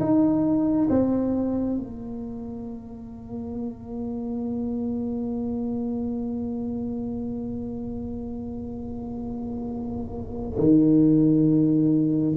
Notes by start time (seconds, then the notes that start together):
0.00 D#4
0.89 C4
1.77 A#3
10.59 D#3